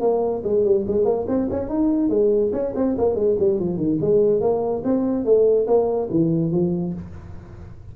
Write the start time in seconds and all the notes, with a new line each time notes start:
0.00 A#3
0.44 G#3
0.64 G3
0.87 G#3
1.05 A#3
1.27 C4
1.50 C#4
1.69 D#4
2.09 G#3
2.52 C#4
2.75 C4
2.98 A#3
3.15 G#3
3.39 G3
3.59 F3
3.77 D#3
4.01 G#3
4.40 A#3
4.84 C4
5.25 A3
5.67 A#3
6.10 E3
6.51 F3